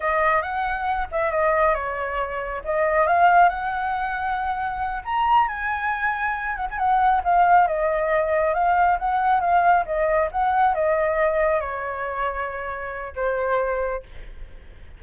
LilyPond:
\new Staff \with { instrumentName = "flute" } { \time 4/4 \tempo 4 = 137 dis''4 fis''4. e''8 dis''4 | cis''2 dis''4 f''4 | fis''2.~ fis''8 ais''8~ | ais''8 gis''2~ gis''8 fis''16 gis''16 fis''8~ |
fis''8 f''4 dis''2 f''8~ | f''8 fis''4 f''4 dis''4 fis''8~ | fis''8 dis''2 cis''4.~ | cis''2 c''2 | }